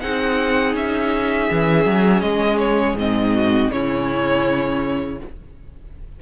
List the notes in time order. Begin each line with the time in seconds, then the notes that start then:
0.00 C4 D#4 G#4 F#5
0.74 C#4 E5
1.49 E3 C#4
1.85 F#3
2.21 G#3 D#5
2.59 C#5
2.95 G#2 C4 D#5
3.34 F#4
3.71 C#3 C#4 E4 C#5